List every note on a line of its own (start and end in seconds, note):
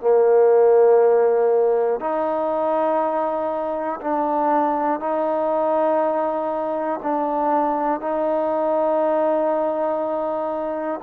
0.00 2.00 A#3
2.00 4.00 D#4
4.01 5.00 D4
5.00 7.00 D#4
7.03 8.00 D4
8.00 11.00 D#4